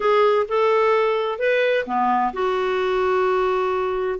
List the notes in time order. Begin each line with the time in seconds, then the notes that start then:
0.00 G#4
0.48 A4
1.38 B4
1.85 B3
2.33 F#4